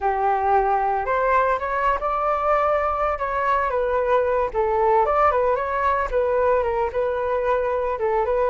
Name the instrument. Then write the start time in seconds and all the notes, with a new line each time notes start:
flute
0.00 G4
1.05 C5
1.59 C#5
2.00 D5
3.18 C#5
3.70 B4
4.53 A4
5.05 D5
5.31 B4
5.55 C#5
6.11 B4
6.63 A#4
6.92 B4
7.98 A4
8.25 B4